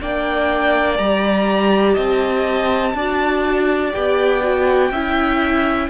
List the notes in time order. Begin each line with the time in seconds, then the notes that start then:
0.00 A#3 D4 D5 G5
0.97 G3 G4 A#5
1.93 C4 D#5 A5
2.94 D4 F#4 D5
3.92 B3 G4 G5
4.42 F#4
4.90 C#4 E4 E5